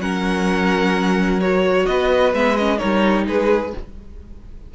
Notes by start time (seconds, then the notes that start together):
0.00 F#3 C#4 A#4 F#5
1.41 F#4 C#5
1.87 B3 B4 D#5
2.34 G#3 B3 E5
2.57 C#4 D#5
2.78 G3 D#4 A#4 C#5
3.27 G#3 G#4 B4